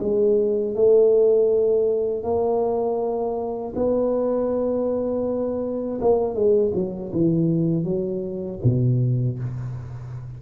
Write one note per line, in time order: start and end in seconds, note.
0.00 0.75 G#3
0.75 2.23 A3
2.23 3.73 A#3
3.75 6.00 B3
6.01 6.34 A#3
6.34 6.72 G#3
6.74 7.12 F#3
7.13 7.84 E3
7.84 8.59 F#3
8.64 9.39 B2